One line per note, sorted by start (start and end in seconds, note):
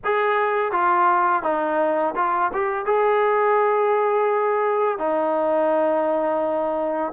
0.04 0.72 G#4
0.72 1.43 F4
1.43 2.14 D#4
2.15 2.51 F4
2.53 2.85 G4
2.85 4.98 G#4
4.98 7.12 D#4